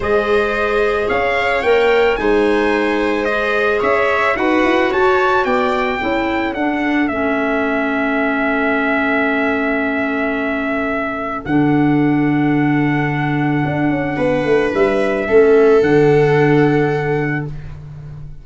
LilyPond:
<<
  \new Staff \with { instrumentName = "trumpet" } { \time 4/4 \tempo 4 = 110 dis''2 f''4 g''4 | gis''2 dis''4 e''4 | fis''4 a''4 g''2 | fis''4 e''2.~ |
e''1~ | e''4 fis''2.~ | fis''2. e''4~ | e''4 fis''2. | }
  \new Staff \with { instrumentName = "viola" } { \time 4/4 c''2 cis''2 | c''2. cis''4 | b'4 cis''4 d''4 a'4~ | a'1~ |
a'1~ | a'1~ | a'2 b'2 | a'1 | }
  \new Staff \with { instrumentName = "clarinet" } { \time 4/4 gis'2. ais'4 | dis'2 gis'2 | fis'2. e'4 | d'4 cis'2.~ |
cis'1~ | cis'4 d'2.~ | d'1 | cis'4 d'2. | }
  \new Staff \with { instrumentName = "tuba" } { \time 4/4 gis2 cis'4 ais4 | gis2. cis'4 | dis'8 e'8 fis'4 b4 cis'4 | d'4 a2.~ |
a1~ | a4 d2.~ | d4 d'8 cis'8 b8 a8 g4 | a4 d2. | }
>>